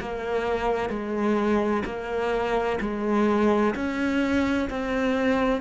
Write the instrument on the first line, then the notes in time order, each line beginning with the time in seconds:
cello
0.00 A#3
0.89 G#3
1.85 A#3
2.80 G#3
3.75 C#4
4.69 C4